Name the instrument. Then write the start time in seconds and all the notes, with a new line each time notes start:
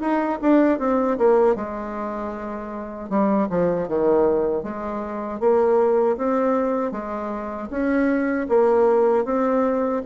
bassoon
0.00 D#4
0.42 D4
0.79 C4
1.18 A#3
1.55 G#3
3.09 G3
3.49 F3
3.88 D#3
4.63 G#3
5.40 A#3
6.17 C4
6.92 G#3
7.70 C#4
8.49 A#3
9.25 C4